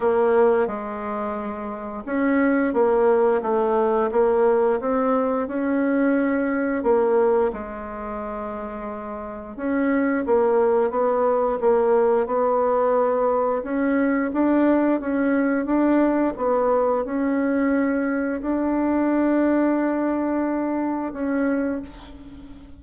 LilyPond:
\new Staff \with { instrumentName = "bassoon" } { \time 4/4 \tempo 4 = 88 ais4 gis2 cis'4 | ais4 a4 ais4 c'4 | cis'2 ais4 gis4~ | gis2 cis'4 ais4 |
b4 ais4 b2 | cis'4 d'4 cis'4 d'4 | b4 cis'2 d'4~ | d'2. cis'4 | }